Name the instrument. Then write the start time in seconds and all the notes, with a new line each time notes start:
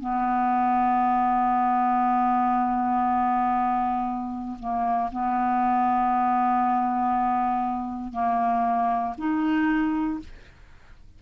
clarinet
0.00 B3
4.59 A#3
5.12 B3
8.13 A#3
9.18 D#4